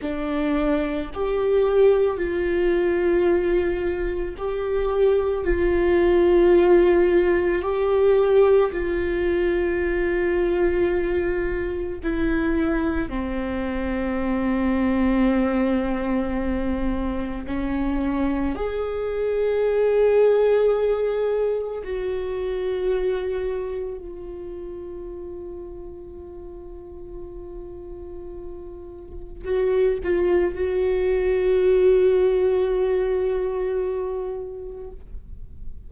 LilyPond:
\new Staff \with { instrumentName = "viola" } { \time 4/4 \tempo 4 = 55 d'4 g'4 f'2 | g'4 f'2 g'4 | f'2. e'4 | c'1 |
cis'4 gis'2. | fis'2 f'2~ | f'2. fis'8 f'8 | fis'1 | }